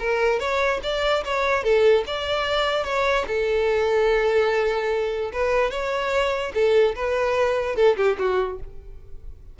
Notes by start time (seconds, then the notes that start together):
0.00 A#4
0.40 C#5
0.83 D5
1.25 C#5
1.64 A4
2.07 D5
2.85 C#5
3.28 A4
5.33 B4
5.71 C#5
6.55 A4
6.96 B4
7.76 A4
7.97 G4
8.19 F#4